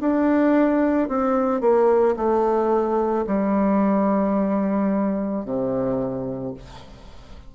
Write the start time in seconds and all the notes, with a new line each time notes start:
0.00 D4
1.08 C4
1.61 A#3
2.16 A3
3.27 G3
5.44 C3